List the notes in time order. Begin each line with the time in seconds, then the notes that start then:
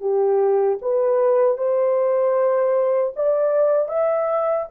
0.00 G4
0.81 B4
1.57 C5
3.16 D5
3.88 E5